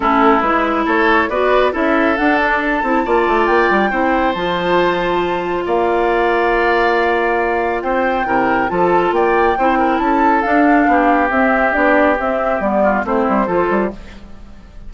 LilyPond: <<
  \new Staff \with { instrumentName = "flute" } { \time 4/4 \tempo 4 = 138 a'4 b'4 cis''4 d''4 | e''4 fis''8 d''8 a''2 | g''2 a''2~ | a''4 f''2.~ |
f''2 g''2 | a''4 g''2 a''4 | f''2 e''4 d''4 | e''4 d''4 c''2 | }
  \new Staff \with { instrumentName = "oboe" } { \time 4/4 e'2 a'4 b'4 | a'2. d''4~ | d''4 c''2.~ | c''4 d''2.~ |
d''2 c''4 ais'4 | a'4 d''4 c''8 ais'8 a'4~ | a'4 g'2.~ | g'4. f'8 e'4 a'4 | }
  \new Staff \with { instrumentName = "clarinet" } { \time 4/4 cis'4 e'2 fis'4 | e'4 d'4. e'8 f'4~ | f'4 e'4 f'2~ | f'1~ |
f'2. e'4 | f'2 e'2 | d'2 c'4 d'4 | c'4 b4 c'4 f'4 | }
  \new Staff \with { instrumentName = "bassoon" } { \time 4/4 a4 gis4 a4 b4 | cis'4 d'4. c'8 ais8 a8 | ais8 g8 c'4 f2~ | f4 ais2.~ |
ais2 c'4 c4 | f4 ais4 c'4 cis'4 | d'4 b4 c'4 b4 | c'4 g4 a8 g8 f8 g8 | }
>>